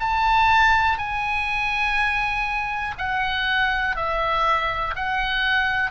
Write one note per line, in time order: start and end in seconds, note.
0.00 0.98 A5
0.98 2.95 G#5
2.98 3.96 F#5
3.96 4.94 E5
4.95 5.91 F#5